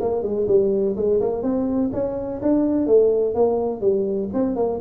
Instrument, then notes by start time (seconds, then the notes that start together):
tuba
0.00 A#3
0.22 G#3
0.48 G3
0.96 G#3
1.20 A#3
1.42 C4
1.93 C#4
2.42 D4
2.86 A3
3.34 A#3
3.81 G3
4.33 C4
4.56 A#3